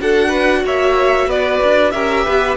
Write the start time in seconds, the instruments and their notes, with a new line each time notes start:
0.00 cello D4, viola F#4, violin A4 F#5
0.28 violin B4
0.64 cello A#3, violin C#5 E5
1.26 cello B3, violin B4 D5
1.63 cello D4
1.91 cello C#4, viola G4, violin A#4 E5
2.25 cello B3, violin B4